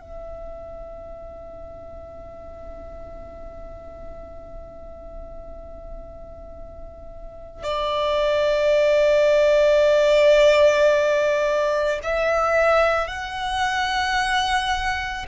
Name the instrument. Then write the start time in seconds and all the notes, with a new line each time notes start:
violin
0.00 E5
7.63 D5
12.02 E5
13.07 F#5